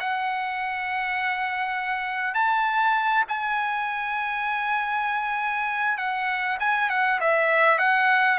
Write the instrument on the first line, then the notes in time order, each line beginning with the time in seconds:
trumpet
0.00 F#5
2.35 A5
3.29 G#5
5.98 F#5
6.60 G#5
6.90 F#5
7.21 E5
7.79 F#5